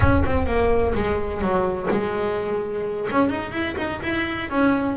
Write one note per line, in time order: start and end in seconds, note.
0.00 0.23 C#4
0.25 0.46 C4
0.46 0.93 A#3
0.94 1.41 G#3
1.41 1.88 F#3
1.90 3.08 G#3
3.11 3.29 C#4
3.29 3.51 D#4
3.51 3.75 E4
3.77 4.01 D#4
4.02 4.49 E4
4.50 4.96 C#4